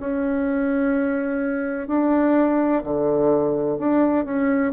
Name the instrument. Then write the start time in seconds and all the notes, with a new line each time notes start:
bassoon
0.00 C#4
1.87 D4
2.84 D3
3.78 D4
4.25 C#4